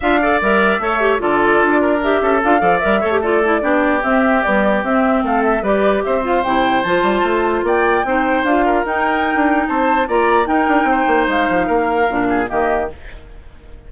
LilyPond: <<
  \new Staff \with { instrumentName = "flute" } { \time 4/4 \tempo 4 = 149 f''4 e''2 d''4~ | d''4 e''4 f''4 e''4 | d''2 e''4 d''4 | e''4 f''8 e''8 d''4 e''8 f''8 |
g''4 a''2 g''4~ | g''4 f''4 g''2 | a''4 ais''4 g''2 | f''2. dis''4 | }
  \new Staff \with { instrumentName = "oboe" } { \time 4/4 e''8 d''4. cis''4 a'4~ | a'8 ais'4 a'4 d''4 cis''8 | a'4 g'2.~ | g'4 a'4 b'4 c''4~ |
c''2. d''4 | c''4. ais'2~ ais'8 | c''4 d''4 ais'4 c''4~ | c''4 ais'4. gis'8 g'4 | }
  \new Staff \with { instrumentName = "clarinet" } { \time 4/4 f'8 a'8 ais'4 a'8 g'8 f'4~ | f'4 g'4 f'8 a'8 ais'8 a'16 g'16 | f'8 e'8 d'4 c'4 g4 | c'2 g'4. f'8 |
e'4 f'2. | dis'4 f'4 dis'2~ | dis'4 f'4 dis'2~ | dis'2 d'4 ais4 | }
  \new Staff \with { instrumentName = "bassoon" } { \time 4/4 d'4 g4 a4 d4 | d'4. cis'8 d'8 f8 g8 a8~ | a4 b4 c'4 b4 | c'4 a4 g4 c'4 |
c4 f8 g8 a4 ais4 | c'4 d'4 dis'4~ dis'16 d'8. | c'4 ais4 dis'8 d'8 c'8 ais8 | gis8 f8 ais4 ais,4 dis4 | }
>>